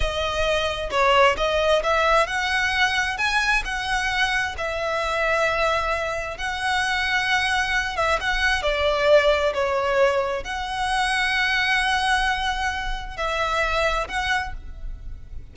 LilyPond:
\new Staff \with { instrumentName = "violin" } { \time 4/4 \tempo 4 = 132 dis''2 cis''4 dis''4 | e''4 fis''2 gis''4 | fis''2 e''2~ | e''2 fis''2~ |
fis''4. e''8 fis''4 d''4~ | d''4 cis''2 fis''4~ | fis''1~ | fis''4 e''2 fis''4 | }